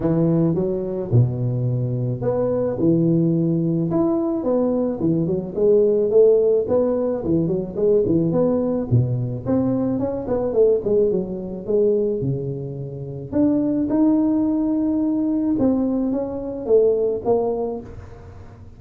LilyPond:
\new Staff \with { instrumentName = "tuba" } { \time 4/4 \tempo 4 = 108 e4 fis4 b,2 | b4 e2 e'4 | b4 e8 fis8 gis4 a4 | b4 e8 fis8 gis8 e8 b4 |
b,4 c'4 cis'8 b8 a8 gis8 | fis4 gis4 cis2 | d'4 dis'2. | c'4 cis'4 a4 ais4 | }